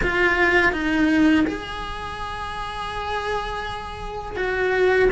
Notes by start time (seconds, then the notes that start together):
0.03 F4
0.72 D#4
1.46 G#4
4.36 F#4